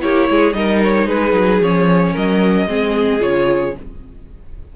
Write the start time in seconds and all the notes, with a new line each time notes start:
0.00 A#3 E4 G4 C#5
0.30 G#3 G#4
0.53 G3 D#4 A#4 D#5
0.84 C#5
1.07 G#3 G#4 B4
1.33 F#3
1.61 F3 C#4 C#5
2.12 F#3 A#4 D#5
2.67 G#3 C4 G#4
3.19 C#3 F4 C#5